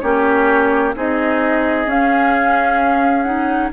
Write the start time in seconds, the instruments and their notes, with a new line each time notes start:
0.00 bassoon A#3, clarinet C#4, oboe G4, flute C#5
0.95 bassoon C4, clarinet D#4, oboe G#4, flute D#5
1.86 bassoon C#4, clarinet C#4, flute F5
3.22 clarinet D#4, flute F#5